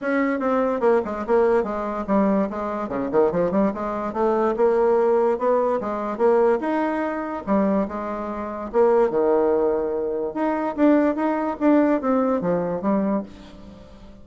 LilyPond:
\new Staff \with { instrumentName = "bassoon" } { \time 4/4 \tempo 4 = 145 cis'4 c'4 ais8 gis8 ais4 | gis4 g4 gis4 cis8 dis8 | f8 g8 gis4 a4 ais4~ | ais4 b4 gis4 ais4 |
dis'2 g4 gis4~ | gis4 ais4 dis2~ | dis4 dis'4 d'4 dis'4 | d'4 c'4 f4 g4 | }